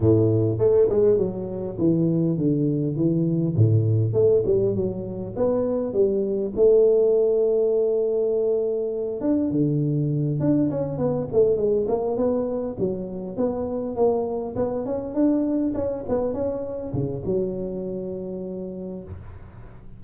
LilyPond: \new Staff \with { instrumentName = "tuba" } { \time 4/4 \tempo 4 = 101 a,4 a8 gis8 fis4 e4 | d4 e4 a,4 a8 g8 | fis4 b4 g4 a4~ | a2.~ a8 d'8 |
d4. d'8 cis'8 b8 a8 gis8 | ais8 b4 fis4 b4 ais8~ | ais8 b8 cis'8 d'4 cis'8 b8 cis'8~ | cis'8 cis8 fis2. | }